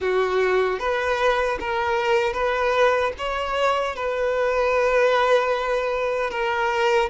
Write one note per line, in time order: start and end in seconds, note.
0.00 0.79 F#4
0.79 1.58 B4
1.60 2.33 A#4
2.33 3.12 B4
3.18 3.95 C#5
3.95 6.30 B4
6.30 7.09 A#4